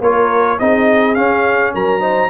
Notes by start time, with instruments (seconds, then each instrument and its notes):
0.00 tuba A#3, trombone F4, horn A#4, trumpet C#5
0.59 tuba C4, trombone D#4, horn G#4, trumpet D#5
1.14 trombone C#4, tuba C#4, trumpet F5
1.73 tuba F#3, horn A#4, trumpet A#5
2.00 trombone D#4, horn C5